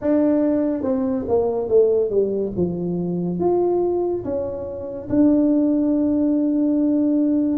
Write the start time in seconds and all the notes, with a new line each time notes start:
0.01 D4
0.83 C4
1.28 A#3
1.68 A3
2.10 G3
2.56 F3
3.39 F4
4.24 C#4
5.09 D4